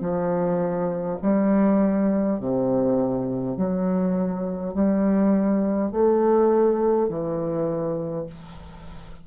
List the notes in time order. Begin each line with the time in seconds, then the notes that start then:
0.00 F3
1.21 G3
2.39 C3
3.56 F#3
4.73 G3
5.90 A3
7.08 E3